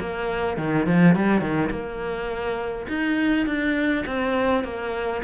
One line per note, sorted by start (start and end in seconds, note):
0.00 0.57 A#3
0.57 0.86 D#3
0.86 1.15 F3
1.15 1.41 G3
1.41 1.70 D#3
1.70 2.87 A#3
2.88 3.47 D#4
3.47 4.05 D4
4.06 4.64 C4
4.64 5.22 A#3